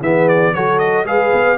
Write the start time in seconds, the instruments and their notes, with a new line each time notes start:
0.00 tuba E3, trombone B3, horn G#4, trumpet E5
0.28 trumpet D5
0.54 tuba F#3, trombone F#4, horn A4, trumpet C#5
0.79 trumpet D#5
1.05 tuba G#3, trombone G#4, horn B4, trumpet F5
1.33 tuba B3